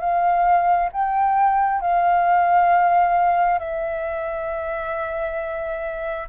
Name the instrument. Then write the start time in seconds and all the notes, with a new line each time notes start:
flute
0.00 F5
0.92 G5
1.81 F5
3.59 E5